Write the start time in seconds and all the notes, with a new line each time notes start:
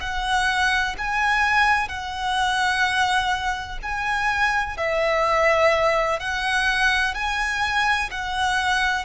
0.00 F#5
0.98 G#5
1.88 F#5
3.82 G#5
4.77 E5
6.19 F#5
7.14 G#5
8.10 F#5